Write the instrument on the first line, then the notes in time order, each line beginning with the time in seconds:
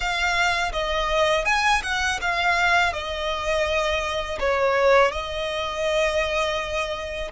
violin
0.00 F5
0.72 D#5
1.45 G#5
1.83 F#5
2.21 F5
2.92 D#5
4.39 C#5
5.11 D#5